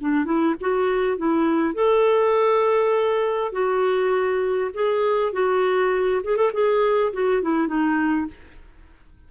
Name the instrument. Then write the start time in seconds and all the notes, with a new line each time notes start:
clarinet
0.00 D4
0.25 E4
0.60 F#4
1.17 E4
1.74 A4
3.52 F#4
4.74 G#4
5.33 F#4
6.24 G#4
6.37 A4
6.53 G#4
7.13 F#4
7.42 E4
7.67 D#4